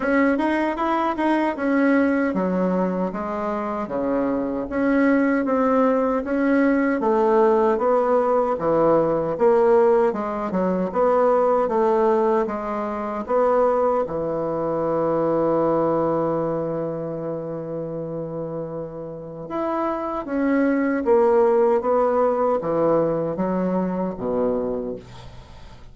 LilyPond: \new Staff \with { instrumentName = "bassoon" } { \time 4/4 \tempo 4 = 77 cis'8 dis'8 e'8 dis'8 cis'4 fis4 | gis4 cis4 cis'4 c'4 | cis'4 a4 b4 e4 | ais4 gis8 fis8 b4 a4 |
gis4 b4 e2~ | e1~ | e4 e'4 cis'4 ais4 | b4 e4 fis4 b,4 | }